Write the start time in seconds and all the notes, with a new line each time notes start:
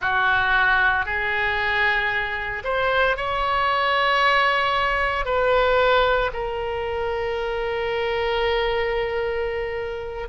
0.00 F#4
1.05 G#4
2.64 C5
3.16 C#5
5.25 B4
6.33 A#4